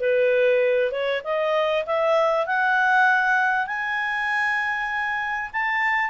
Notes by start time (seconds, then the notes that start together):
0.00 B4
0.91 C#5
1.24 D#5
1.86 E5
2.46 F#5
3.67 G#5
5.52 A5